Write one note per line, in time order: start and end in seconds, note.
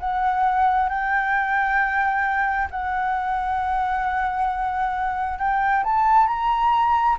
0.00 0.90 F#5
0.90 2.69 G5
2.71 5.39 F#5
5.39 5.84 G5
5.84 6.27 A5
6.27 7.17 A#5